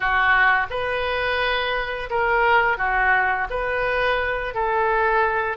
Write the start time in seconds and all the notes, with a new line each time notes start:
0.00 F#4
0.70 B4
2.10 A#4
2.77 F#4
3.49 B4
4.54 A4